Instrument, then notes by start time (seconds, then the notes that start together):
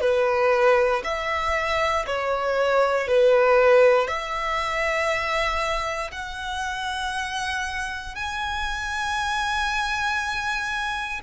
violin
0.00 B4
1.04 E5
2.06 C#5
3.07 B4
4.07 E5
6.12 F#5
8.15 G#5